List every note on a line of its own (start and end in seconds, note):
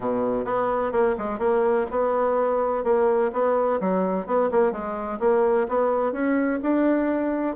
0.00 0.45 B2
0.45 0.91 B3
0.91 1.15 A#3
1.17 1.39 G#3
1.39 1.86 A#3
1.90 2.83 B3
2.83 3.31 A#3
3.32 3.79 B3
3.80 4.26 F#3
4.26 4.49 B3
4.51 4.72 A#3
4.72 5.19 G#3
5.19 5.67 A#3
5.68 6.12 B3
6.12 6.59 C#4
6.62 7.55 D4